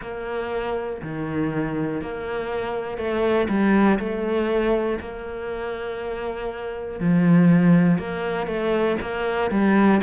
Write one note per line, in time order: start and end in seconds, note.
0.01 1.01 A#3
1.02 2.01 D#3
2.01 2.97 A#3
2.97 3.47 A3
3.48 3.98 G3
3.99 4.99 A3
5.00 7.00 A#3
7.00 7.98 F3
7.98 8.46 A#3
8.46 8.96 A3
9.01 9.50 A#3
9.50 10.00 G3